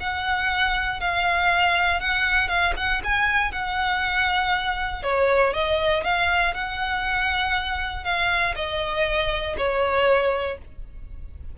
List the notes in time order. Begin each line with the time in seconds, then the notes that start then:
0.00 F#5
1.00 F5
2.00 F#5
2.48 F5
2.76 F#5
3.03 G#5
3.51 F#5
5.03 C#5
5.53 D#5
6.03 F5
6.54 F#5
8.04 F5
8.55 D#5
9.57 C#5